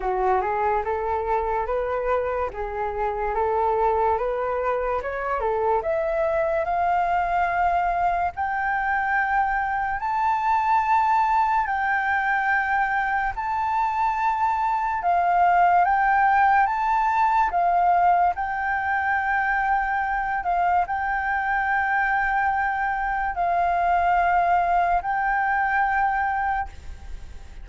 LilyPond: \new Staff \with { instrumentName = "flute" } { \time 4/4 \tempo 4 = 72 fis'8 gis'8 a'4 b'4 gis'4 | a'4 b'4 cis''8 a'8 e''4 | f''2 g''2 | a''2 g''2 |
a''2 f''4 g''4 | a''4 f''4 g''2~ | g''8 f''8 g''2. | f''2 g''2 | }